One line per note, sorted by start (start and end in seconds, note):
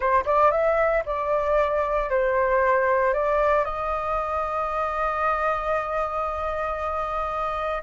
0.00 0.24 C5
0.25 0.51 D5
0.51 1.03 E5
1.05 2.10 D5
2.10 3.13 C5
3.13 3.65 D5
3.65 7.82 D#5